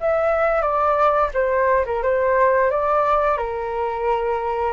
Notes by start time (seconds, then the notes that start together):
0.00 E5
0.62 D5
1.34 C5
1.85 A#4
2.02 C5
2.70 D5
3.37 A#4